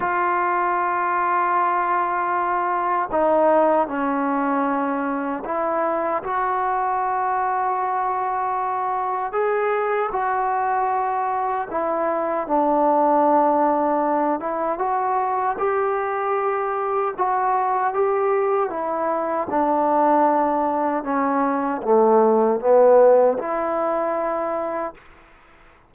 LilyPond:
\new Staff \with { instrumentName = "trombone" } { \time 4/4 \tempo 4 = 77 f'1 | dis'4 cis'2 e'4 | fis'1 | gis'4 fis'2 e'4 |
d'2~ d'8 e'8 fis'4 | g'2 fis'4 g'4 | e'4 d'2 cis'4 | a4 b4 e'2 | }